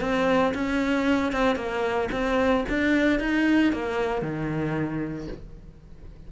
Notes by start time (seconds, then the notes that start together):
0.00 C4
0.54 C#4
1.32 C4
1.55 A#3
2.12 C4
2.69 D4
3.19 D#4
3.72 A#3
4.21 D#3